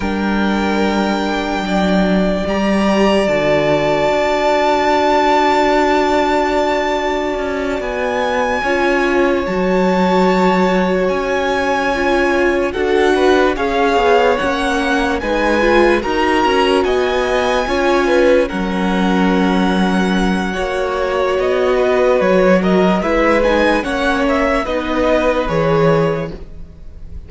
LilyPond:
<<
  \new Staff \with { instrumentName = "violin" } { \time 4/4 \tempo 4 = 73 g''2. ais''4 | a''1~ | a''4. gis''2 a''8~ | a''4. gis''2 fis''8~ |
fis''8 f''4 fis''4 gis''4 ais''8~ | ais''8 gis''2 fis''4.~ | fis''2 dis''4 cis''8 dis''8 | e''8 gis''8 fis''8 e''8 dis''4 cis''4 | }
  \new Staff \with { instrumentName = "violin" } { \time 4/4 ais'2 d''2~ | d''1~ | d''2~ d''8 cis''4.~ | cis''2.~ cis''8 a'8 |
b'8 cis''2 b'4 ais'8~ | ais'8 dis''4 cis''8 b'8 ais'4.~ | ais'4 cis''4. b'4 ais'8 | b'4 cis''4 b'2 | }
  \new Staff \with { instrumentName = "viola" } { \time 4/4 d'2. g'4 | fis'1~ | fis'2~ fis'8 f'4 fis'8~ | fis'2~ fis'8 f'4 fis'8~ |
fis'8 gis'4 cis'4 dis'8 f'8 fis'8~ | fis'4. f'4 cis'4.~ | cis'4 fis'2. | e'8 dis'8 cis'4 dis'4 gis'4 | }
  \new Staff \with { instrumentName = "cello" } { \time 4/4 g2 fis4 g4 | d4 d'2.~ | d'4 cis'8 b4 cis'4 fis8~ | fis4. cis'2 d'8~ |
d'8 cis'8 b8 ais4 gis4 dis'8 | cis'8 b4 cis'4 fis4.~ | fis4 ais4 b4 fis4 | gis4 ais4 b4 e4 | }
>>